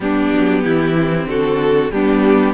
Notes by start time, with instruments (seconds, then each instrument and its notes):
0.00 cello G3, viola B3, violin D4 G4
0.32 cello F#3
0.64 cello E3, violin E4
0.96 viola C4
1.26 cello D3, violin F#4 A4
1.91 cello G3, viola B3, violin D4 G4